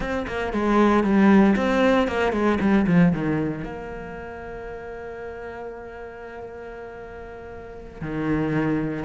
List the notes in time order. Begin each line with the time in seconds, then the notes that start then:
0.00 C4
0.27 A#3
0.52 G#3
1.03 G3
1.55 C4
2.07 A#3
2.32 G#3
2.60 G3
2.87 F3
3.12 D#3
3.63 A#3
8.01 D#3